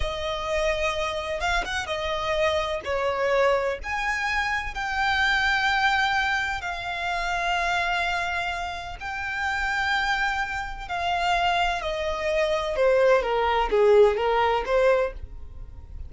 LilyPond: \new Staff \with { instrumentName = "violin" } { \time 4/4 \tempo 4 = 127 dis''2. f''8 fis''8 | dis''2 cis''2 | gis''2 g''2~ | g''2 f''2~ |
f''2. g''4~ | g''2. f''4~ | f''4 dis''2 c''4 | ais'4 gis'4 ais'4 c''4 | }